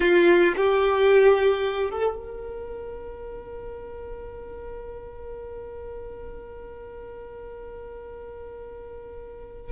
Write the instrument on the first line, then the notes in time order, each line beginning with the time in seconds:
violin
0.00 F4
0.56 G4
1.90 A4
2.16 A#4